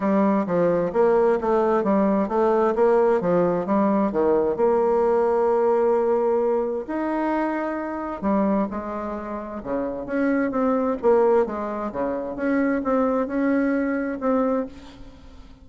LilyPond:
\new Staff \with { instrumentName = "bassoon" } { \time 4/4 \tempo 4 = 131 g4 f4 ais4 a4 | g4 a4 ais4 f4 | g4 dis4 ais2~ | ais2. dis'4~ |
dis'2 g4 gis4~ | gis4 cis4 cis'4 c'4 | ais4 gis4 cis4 cis'4 | c'4 cis'2 c'4 | }